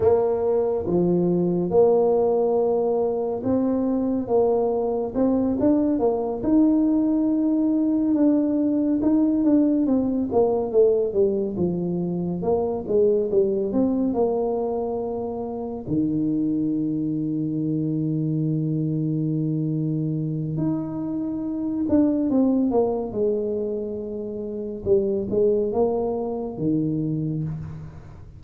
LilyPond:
\new Staff \with { instrumentName = "tuba" } { \time 4/4 \tempo 4 = 70 ais4 f4 ais2 | c'4 ais4 c'8 d'8 ais8 dis'8~ | dis'4. d'4 dis'8 d'8 c'8 | ais8 a8 g8 f4 ais8 gis8 g8 |
c'8 ais2 dis4.~ | dis1 | dis'4. d'8 c'8 ais8 gis4~ | gis4 g8 gis8 ais4 dis4 | }